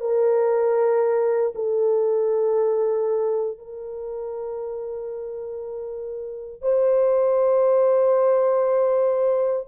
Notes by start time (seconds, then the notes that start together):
0.00 A#4
1.55 A4
3.58 A#4
6.61 C5